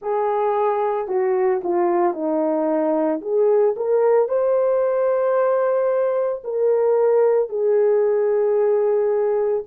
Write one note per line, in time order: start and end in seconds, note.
0.01 1.07 G#4
1.07 1.61 F#4
1.64 2.13 F4
2.13 3.20 D#4
3.21 3.75 G#4
3.76 4.28 A#4
4.28 6.42 C5
6.43 7.49 A#4
7.49 9.63 G#4